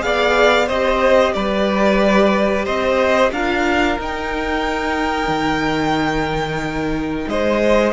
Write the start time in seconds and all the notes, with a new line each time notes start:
0.00 B3 G#4 D5 F5
0.66 C4 G4 C5 D#5
1.34 G3 B4 D5
2.65 C4 C5 D#5
3.31 D4 F4 A#4 F5
3.98 D#4 G5
5.28 D#3
7.27 G#3 C5 D#5